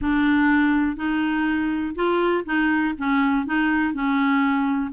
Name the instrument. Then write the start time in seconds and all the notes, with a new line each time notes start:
clarinet
0.01 D4
0.96 D#4
1.95 F4
2.45 D#4
2.98 C#4
3.46 D#4
3.93 C#4